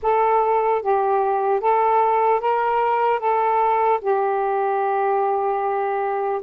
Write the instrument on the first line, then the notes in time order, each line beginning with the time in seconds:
saxophone
0.02 A4
0.82 G4
1.60 A4
2.40 A#4
3.19 A4
4.01 G4